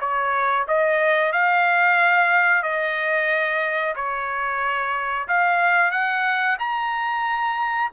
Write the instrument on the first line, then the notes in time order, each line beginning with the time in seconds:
trumpet
0.00 C#5
0.67 D#5
1.32 F5
2.63 D#5
3.95 C#5
5.28 F5
5.91 F#5
6.59 A#5